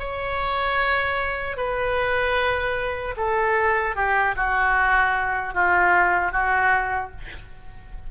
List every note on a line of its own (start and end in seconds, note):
0.00 1.57 C#5
1.57 3.15 B4
3.17 3.96 A4
3.96 4.36 G4
4.36 5.54 F#4
5.54 6.32 F4
6.32 7.11 F#4